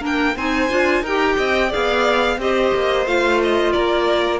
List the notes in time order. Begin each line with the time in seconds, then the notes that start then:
0.00 A#3 D4 A#4
0.06 G5
0.36 C4 D#4 C5 G#5
0.70 D4 F4
1.03 D#4 G4 A#4 G5
1.37 C4 D#5
1.69 G#4 D5 F5
1.75 B3
2.38 C4 G4 C5 D#5
2.74 A#3
3.06 A3 F4 F5
3.43 D#5
3.73 A#3 A#4 D5